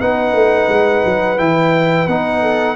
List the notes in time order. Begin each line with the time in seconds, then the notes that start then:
0.00 B3 D#4 B4 F#5
0.33 A3
0.69 G#3
1.05 F#3
1.37 E3 E4 G5
2.07 B3 D#4 F#5
2.42 A4